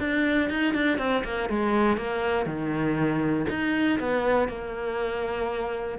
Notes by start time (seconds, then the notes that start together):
0.00 D4
0.50 D#4
0.75 D4
0.99 C4
1.25 A#3
1.50 G#3
1.98 A#3
2.47 D#3
3.50 D#4
4.00 B3
4.49 A#3